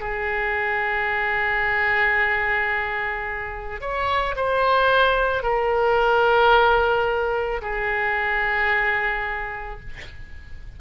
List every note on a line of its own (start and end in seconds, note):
0.00 3.81 G#4
3.81 4.35 C#5
4.36 5.43 C5
5.43 7.61 A#4
7.62 9.80 G#4